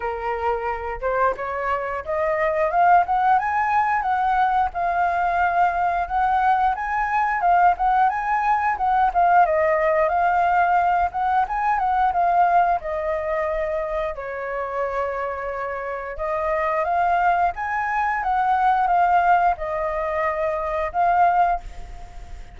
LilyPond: \new Staff \with { instrumentName = "flute" } { \time 4/4 \tempo 4 = 89 ais'4. c''8 cis''4 dis''4 | f''8 fis''8 gis''4 fis''4 f''4~ | f''4 fis''4 gis''4 f''8 fis''8 | gis''4 fis''8 f''8 dis''4 f''4~ |
f''8 fis''8 gis''8 fis''8 f''4 dis''4~ | dis''4 cis''2. | dis''4 f''4 gis''4 fis''4 | f''4 dis''2 f''4 | }